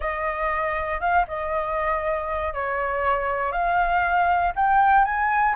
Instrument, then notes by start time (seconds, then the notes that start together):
flute
0.00 D#5
1.00 F5
1.27 D#5
2.53 C#5
3.52 F5
4.55 G5
5.04 G#5